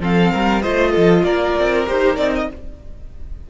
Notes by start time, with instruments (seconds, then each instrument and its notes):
0.00 cello F3, viola C4, violin A4 F5
0.32 cello G3, violin A#4
0.62 cello A3, viola F4, violin C5 D#5
0.91 cello F3, violin A4
1.24 cello A#3, violin A#4 D5
1.59 cello C4
1.87 cello D#4, viola G4, violin C5
2.16 cello C4, viola D#4, violin D5
2.35 violin D#5